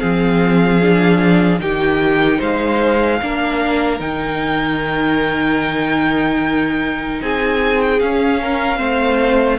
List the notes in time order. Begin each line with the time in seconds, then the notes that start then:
0.00 F3 C4 G#4 F5
0.82 D4
1.59 D#3 D#4 G4 G5
2.39 G#3 C5 F5
3.22 A#3 D4 A#4
4.00 D#3 D#4 G5
7.22 C4 G#4 G#5
7.82 G5
8.00 C#4 F5
8.42 A#4
8.77 A3 C4 C5